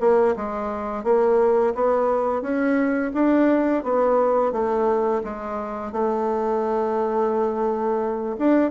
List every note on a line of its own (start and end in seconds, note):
0.00 0.35 A#3
0.36 1.04 G#3
1.04 1.73 A#3
1.74 2.42 B3
2.42 3.11 C#4
3.14 3.83 D4
3.83 4.52 B3
4.52 5.22 A3
5.24 5.92 G#3
5.92 8.36 A3
8.38 8.71 D4